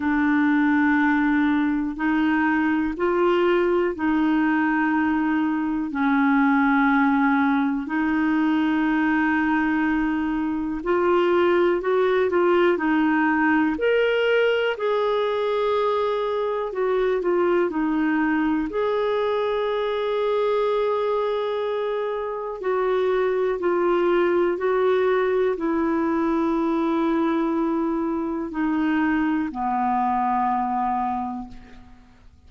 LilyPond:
\new Staff \with { instrumentName = "clarinet" } { \time 4/4 \tempo 4 = 61 d'2 dis'4 f'4 | dis'2 cis'2 | dis'2. f'4 | fis'8 f'8 dis'4 ais'4 gis'4~ |
gis'4 fis'8 f'8 dis'4 gis'4~ | gis'2. fis'4 | f'4 fis'4 e'2~ | e'4 dis'4 b2 | }